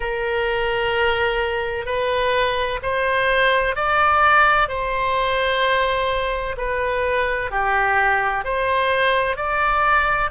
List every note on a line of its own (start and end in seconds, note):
0.00 1.85 A#4
1.85 2.79 B4
2.82 3.75 C5
3.75 4.68 D5
4.68 6.56 C5
6.57 7.50 B4
7.50 8.44 G4
8.44 9.36 C5
9.36 10.30 D5